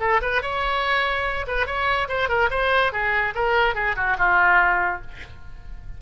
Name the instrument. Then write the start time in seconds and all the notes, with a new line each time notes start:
oboe
0.00 A4
0.22 B4
0.42 C#5
1.47 B4
1.66 C#5
2.08 C5
2.29 A#4
2.51 C5
2.92 G#4
3.34 A#4
3.75 G#4
3.96 F#4
4.18 F4